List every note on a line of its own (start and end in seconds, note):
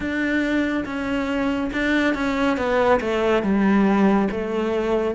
0.00 0.84 D4
0.85 1.71 C#4
1.73 2.14 D4
2.14 2.57 C#4
2.57 3.00 B3
3.00 3.42 A3
3.42 4.28 G3
4.31 5.14 A3